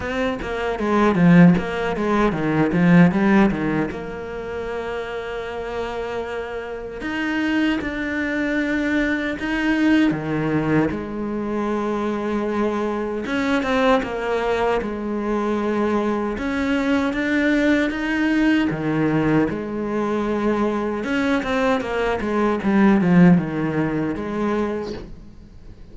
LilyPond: \new Staff \with { instrumentName = "cello" } { \time 4/4 \tempo 4 = 77 c'8 ais8 gis8 f8 ais8 gis8 dis8 f8 | g8 dis8 ais2.~ | ais4 dis'4 d'2 | dis'4 dis4 gis2~ |
gis4 cis'8 c'8 ais4 gis4~ | gis4 cis'4 d'4 dis'4 | dis4 gis2 cis'8 c'8 | ais8 gis8 g8 f8 dis4 gis4 | }